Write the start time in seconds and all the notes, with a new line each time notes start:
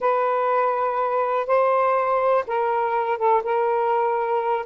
0.00 B4
1.46 C5
2.47 A#4
3.18 A4
3.43 A#4